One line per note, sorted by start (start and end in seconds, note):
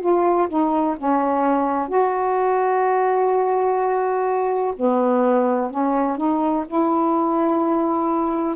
0.00 0.48 F4
0.48 0.96 D#4
0.97 1.88 C#4
1.88 4.74 F#4
4.76 5.71 B3
5.71 6.17 C#4
6.17 6.65 D#4
6.67 8.55 E4